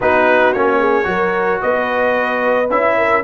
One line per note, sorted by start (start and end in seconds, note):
0.00 0.54 B3
0.00 0.55 D#4
0.00 0.78 F#4
0.00 0.52 B4
0.52 1.05 A#3
0.52 1.03 C#4
0.52 1.61 C#5
0.78 1.06 G#4
1.03 1.59 F#3
1.03 2.65 F#4
1.03 1.61 A#4
1.61 2.70 B3
1.61 2.97 B4
1.61 2.69 D#5
2.70 3.23 C#4
2.70 3.23 E4
2.70 3.23 E5
2.97 3.23 A#4